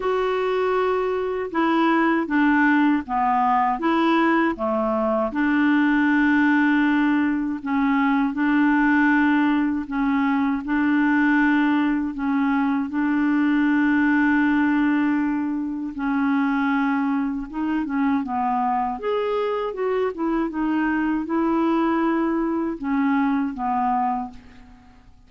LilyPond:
\new Staff \with { instrumentName = "clarinet" } { \time 4/4 \tempo 4 = 79 fis'2 e'4 d'4 | b4 e'4 a4 d'4~ | d'2 cis'4 d'4~ | d'4 cis'4 d'2 |
cis'4 d'2.~ | d'4 cis'2 dis'8 cis'8 | b4 gis'4 fis'8 e'8 dis'4 | e'2 cis'4 b4 | }